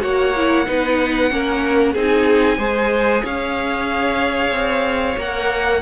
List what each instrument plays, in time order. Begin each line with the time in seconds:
0.00 cello A#3, viola F#4, violin C#5 F#5
0.36 viola E4
0.66 cello B3, viola D#4, violin B4
1.30 cello A#3, viola C#4, violin A#4
1.93 cello C4, viola D#4, violin G#4
2.00 violin G#5
2.58 cello G#3, viola G#4, violin C5
3.22 cello C#4, violin C#5 F5
4.51 cello C4
5.17 cello A#3, viola A#4, violin F#5